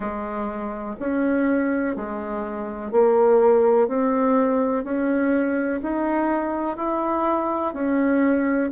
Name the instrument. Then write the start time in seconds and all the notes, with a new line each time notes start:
bassoon
0.00 G#3
0.99 C#4
1.96 G#3
2.91 A#3
3.88 C4
4.83 C#4
5.82 D#4
6.77 E4
7.73 C#4